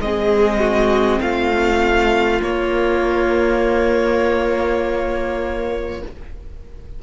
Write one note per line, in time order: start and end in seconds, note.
0.00 1.20 G#3
0.00 2.40 C4
0.00 0.60 G#4
0.00 1.21 D#5
0.60 1.20 F#4
1.21 2.41 A3
1.21 6.02 F4
1.21 2.41 F5
2.40 6.00 A#3
2.40 6.03 A#3
2.40 6.03 C#5